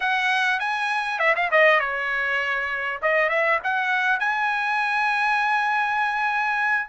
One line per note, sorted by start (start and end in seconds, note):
0.00 0.59 F#5
0.59 1.19 G#5
1.19 1.34 E5
1.35 1.50 F5
1.51 1.79 D#5
1.79 2.99 C#5
3.02 3.29 D#5
3.29 3.59 E5
3.63 4.19 F#5
4.19 6.89 G#5